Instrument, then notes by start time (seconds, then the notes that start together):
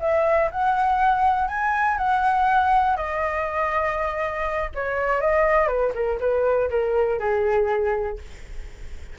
flute
0.00 E5
0.51 F#5
1.48 G#5
1.97 F#5
2.96 D#5
4.74 C#5
5.21 D#5
5.68 B4
5.94 A#4
6.20 B4
6.70 A#4
7.19 G#4